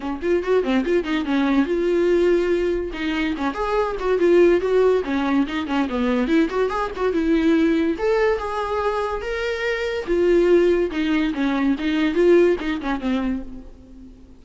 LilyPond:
\new Staff \with { instrumentName = "viola" } { \time 4/4 \tempo 4 = 143 cis'8 f'8 fis'8 c'8 f'8 dis'8 cis'4 | f'2. dis'4 | cis'8 gis'4 fis'8 f'4 fis'4 | cis'4 dis'8 cis'8 b4 e'8 fis'8 |
gis'8 fis'8 e'2 a'4 | gis'2 ais'2 | f'2 dis'4 cis'4 | dis'4 f'4 dis'8 cis'8 c'4 | }